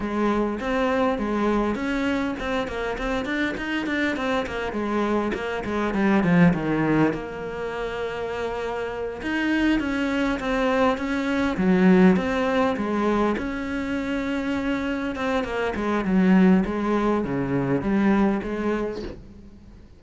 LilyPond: \new Staff \with { instrumentName = "cello" } { \time 4/4 \tempo 4 = 101 gis4 c'4 gis4 cis'4 | c'8 ais8 c'8 d'8 dis'8 d'8 c'8 ais8 | gis4 ais8 gis8 g8 f8 dis4 | ais2.~ ais8 dis'8~ |
dis'8 cis'4 c'4 cis'4 fis8~ | fis8 c'4 gis4 cis'4.~ | cis'4. c'8 ais8 gis8 fis4 | gis4 cis4 g4 gis4 | }